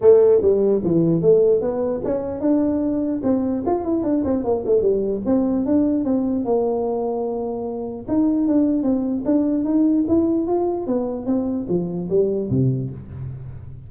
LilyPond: \new Staff \with { instrumentName = "tuba" } { \time 4/4 \tempo 4 = 149 a4 g4 e4 a4 | b4 cis'4 d'2 | c'4 f'8 e'8 d'8 c'8 ais8 a8 | g4 c'4 d'4 c'4 |
ais1 | dis'4 d'4 c'4 d'4 | dis'4 e'4 f'4 b4 | c'4 f4 g4 c4 | }